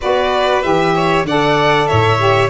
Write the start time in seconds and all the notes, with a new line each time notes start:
0.01 B3 F#4 B4 D5
0.62 E3 G4 E5
0.95 C#5
1.24 D3 A4 D5 F#5
1.87 A2 C#5 E5
2.18 G4